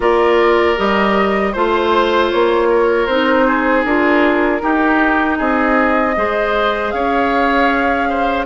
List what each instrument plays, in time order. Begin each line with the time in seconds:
0.00 bassoon A#3, clarinet F4, oboe A#4, flute D5
0.76 bassoon G3, clarinet G4, flute D#5
1.52 bassoon A3, clarinet F4, oboe C5, flute C5
2.30 bassoon A#3, flute C#5
2.69 oboe A#4
3.06 bassoon C4, clarinet D#4, flute C5
3.46 oboe G#4
3.84 bassoon D4, clarinet F4, flute A#4
4.60 clarinet D#4, bassoon D#4, oboe G4
5.37 bassoon C4, oboe G#4, flute D#5
6.16 bassoon G#3, clarinet G#4, oboe C5
6.91 bassoon C#4, oboe C#5, flute F5
8.09 oboe C5